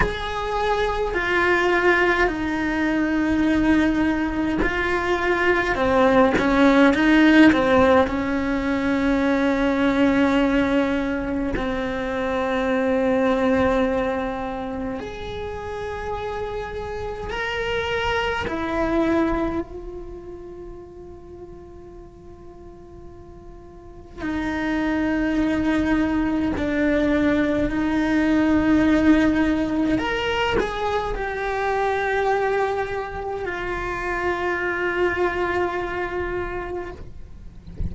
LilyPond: \new Staff \with { instrumentName = "cello" } { \time 4/4 \tempo 4 = 52 gis'4 f'4 dis'2 | f'4 c'8 cis'8 dis'8 c'8 cis'4~ | cis'2 c'2~ | c'4 gis'2 ais'4 |
e'4 f'2.~ | f'4 dis'2 d'4 | dis'2 ais'8 gis'8 g'4~ | g'4 f'2. | }